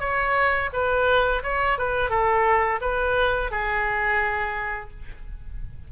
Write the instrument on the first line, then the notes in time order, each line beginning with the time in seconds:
oboe
0.00 C#5
0.73 B4
1.43 C#5
1.78 B4
2.10 A4
2.81 B4
3.51 G#4